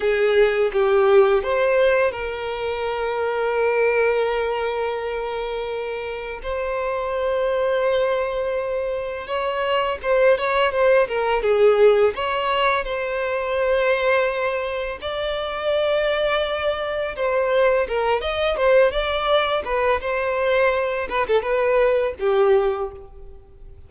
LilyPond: \new Staff \with { instrumentName = "violin" } { \time 4/4 \tempo 4 = 84 gis'4 g'4 c''4 ais'4~ | ais'1~ | ais'4 c''2.~ | c''4 cis''4 c''8 cis''8 c''8 ais'8 |
gis'4 cis''4 c''2~ | c''4 d''2. | c''4 ais'8 dis''8 c''8 d''4 b'8 | c''4. b'16 a'16 b'4 g'4 | }